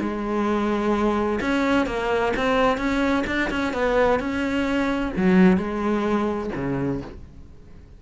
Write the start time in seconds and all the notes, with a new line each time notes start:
0.00 G#3
1.41 C#4
1.86 A#3
2.37 C4
2.78 C#4
3.27 D4
3.51 C#4
3.73 B3
4.19 C#4
5.16 F#3
5.57 G#3
6.55 C#3